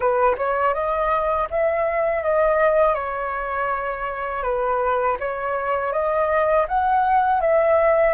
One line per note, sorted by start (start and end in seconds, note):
0.00 0.35 B4
0.37 0.74 C#5
0.74 1.48 D#5
1.50 2.22 E5
2.22 2.94 D#5
2.94 4.42 C#5
4.42 5.17 B4
5.19 5.92 C#5
5.92 6.66 D#5
6.68 7.40 F#5
7.40 8.14 E5